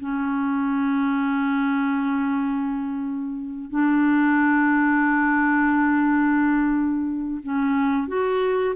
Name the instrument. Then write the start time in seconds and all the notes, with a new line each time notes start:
clarinet
0.00 C#4
3.70 D4
7.43 C#4
8.08 F#4